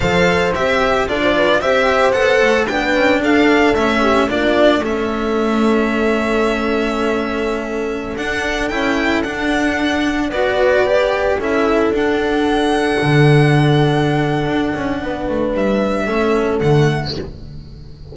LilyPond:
<<
  \new Staff \with { instrumentName = "violin" } { \time 4/4 \tempo 4 = 112 f''4 e''4 d''4 e''4 | fis''4 g''4 f''4 e''4 | d''4 e''2.~ | e''2.~ e''16 fis''8.~ |
fis''16 g''4 fis''2 d''8.~ | d''4~ d''16 e''4 fis''4.~ fis''16~ | fis''1~ | fis''4 e''2 fis''4 | }
  \new Staff \with { instrumentName = "horn" } { \time 4/4 c''2 a'16 c''16 b'8 c''4~ | c''4 b'4 a'4. g'8 | f'4 a'2.~ | a'1~ |
a'2.~ a'16 b'8.~ | b'4~ b'16 a'2~ a'8.~ | a'1 | b'2 a'2 | }
  \new Staff \with { instrumentName = "cello" } { \time 4/4 a'4 g'4 f'4 g'4 | a'4 d'2 cis'4 | d'4 cis'2.~ | cis'2.~ cis'16 d'8.~ |
d'16 e'4 d'2 fis'8.~ | fis'16 g'4 e'4 d'4.~ d'16~ | d'1~ | d'2 cis'4 a4 | }
  \new Staff \with { instrumentName = "double bass" } { \time 4/4 f4 c'4 d'4 c'4 | b8 a8 b8 cis'8 d'4 a4 | ais4 a2.~ | a2.~ a16 d'8.~ |
d'16 cis'4 d'2 b8.~ | b4~ b16 cis'4 d'4.~ d'16~ | d'16 d2~ d8. d'8 cis'8 | b8 a8 g4 a4 d4 | }
>>